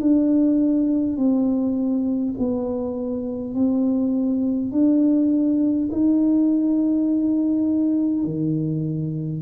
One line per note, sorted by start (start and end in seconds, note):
0.00 1.17 D4
1.17 2.34 C4
2.39 3.55 B3
3.55 4.72 C4
4.72 5.89 D4
5.91 8.25 D#4
8.25 9.42 D#3